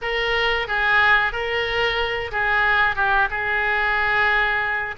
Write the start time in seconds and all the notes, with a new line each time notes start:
0.01 A#4
0.67 G#4
1.32 A#4
2.31 G#4
2.95 G4
3.30 G#4